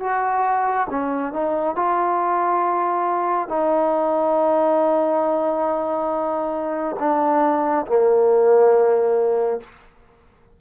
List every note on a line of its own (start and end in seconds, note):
0.00 0.87 F#4
0.90 1.33 C#4
1.33 1.75 D#4
1.75 3.48 F4
3.48 6.96 D#4
6.99 7.86 D4
7.86 9.60 A#3